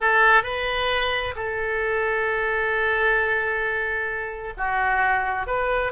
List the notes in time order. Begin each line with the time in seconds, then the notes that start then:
0.01 A4
0.43 B4
1.35 A4
4.57 F#4
5.46 B4